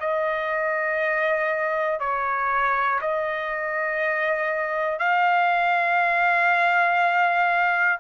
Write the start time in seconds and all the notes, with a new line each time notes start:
0.00 D#5
2.00 C#5
3.01 D#5
5.00 F5